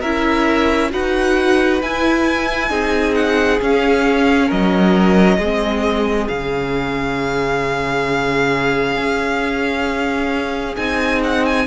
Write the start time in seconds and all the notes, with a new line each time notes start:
0.00 C#4 E4 A#4 E5
0.91 D#4 F#4 B4 F#5
1.82 E4 G#5
2.69 C4 D#4 G#4
3.15 F#5
3.61 C#4 F5
4.48 F#3 A#4 D#5
5.38 G#3 C4 G#4
6.28 C#3 C#4 F5
8.97 C#4
10.76 C4 D#4 G#5
11.23 F#5
11.46 G#5